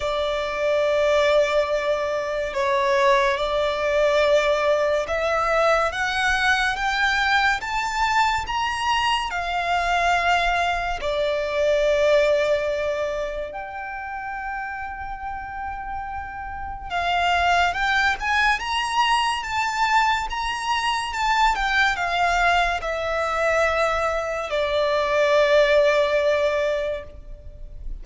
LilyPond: \new Staff \with { instrumentName = "violin" } { \time 4/4 \tempo 4 = 71 d''2. cis''4 | d''2 e''4 fis''4 | g''4 a''4 ais''4 f''4~ | f''4 d''2. |
g''1 | f''4 g''8 gis''8 ais''4 a''4 | ais''4 a''8 g''8 f''4 e''4~ | e''4 d''2. | }